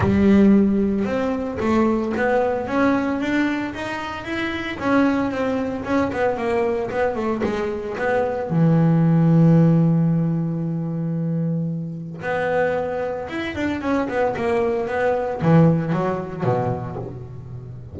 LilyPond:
\new Staff \with { instrumentName = "double bass" } { \time 4/4 \tempo 4 = 113 g2 c'4 a4 | b4 cis'4 d'4 dis'4 | e'4 cis'4 c'4 cis'8 b8 | ais4 b8 a8 gis4 b4 |
e1~ | e2. b4~ | b4 e'8 d'8 cis'8 b8 ais4 | b4 e4 fis4 b,4 | }